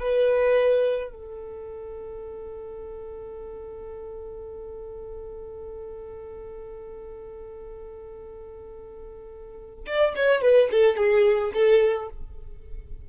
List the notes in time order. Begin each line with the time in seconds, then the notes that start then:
0.00 B4
1.10 A4
9.86 D5
10.16 C#5
10.42 B4
10.71 A4
10.97 G#4
11.54 A4